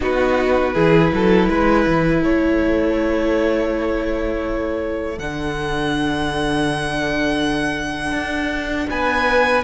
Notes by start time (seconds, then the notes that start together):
0.00 B3 D#4 F#4 B4
0.73 E3 E4 G#4
1.12 F#3 A4
1.48 G#3 B4
1.86 E3
2.19 A3 A4 C#5
5.18 D3 D4 F#5
8.12 D4
8.90 B3 B4 G#5